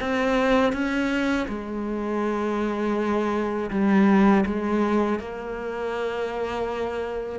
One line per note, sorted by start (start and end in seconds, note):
0.00 0.72 C4
0.72 1.46 C#4
1.48 3.70 G#3
3.70 4.44 G3
4.46 5.19 G#3
5.19 7.39 A#3